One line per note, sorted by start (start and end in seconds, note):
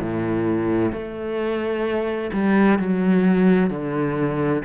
0.00 0.92 A2
0.92 2.31 A3
2.33 2.79 G3
2.79 3.70 F#3
3.70 4.62 D3